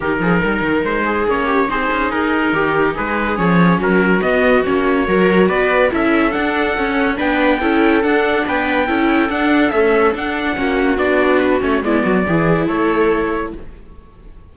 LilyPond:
<<
  \new Staff \with { instrumentName = "trumpet" } { \time 4/4 \tempo 4 = 142 ais'2 c''4 cis''4 | c''4 ais'2 b'4 | cis''4 ais'4 dis''4 cis''4~ | cis''4 d''4 e''4 fis''4~ |
fis''4 g''2 fis''4 | g''2 fis''4 e''4 | fis''2 d''4 b'8 cis''8 | d''2 cis''2 | }
  \new Staff \with { instrumentName = "viola" } { \time 4/4 g'8 gis'8 ais'4. gis'4 g'8 | gis'2 g'4 gis'4~ | gis'4 fis'2. | ais'4 b'4 a'2~ |
a'4 b'4 a'2 | b'4 a'2.~ | a'4 fis'2. | e'8 fis'8 gis'4 a'2 | }
  \new Staff \with { instrumentName = "viola" } { \time 4/4 dis'2. cis'4 | dis'1 | cis'2 b4 cis'4 | fis'2 e'4 d'4 |
cis'4 d'4 e'4 d'4~ | d'4 e'4 d'4 a4 | d'4 cis'4 d'4. cis'8 | b4 e'2. | }
  \new Staff \with { instrumentName = "cello" } { \time 4/4 dis8 f8 g8 dis8 gis4 ais4 | c'8 cis'8 dis'4 dis4 gis4 | f4 fis4 b4 ais4 | fis4 b4 cis'4 d'4 |
cis'4 b4 cis'4 d'4 | b4 cis'4 d'4 cis'4 | d'4 ais4 b4. a8 | gis8 fis8 e4 a2 | }
>>